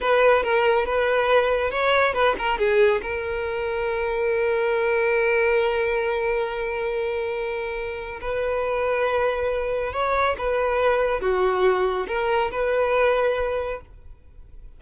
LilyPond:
\new Staff \with { instrumentName = "violin" } { \time 4/4 \tempo 4 = 139 b'4 ais'4 b'2 | cis''4 b'8 ais'8 gis'4 ais'4~ | ais'1~ | ais'1~ |
ais'2. b'4~ | b'2. cis''4 | b'2 fis'2 | ais'4 b'2. | }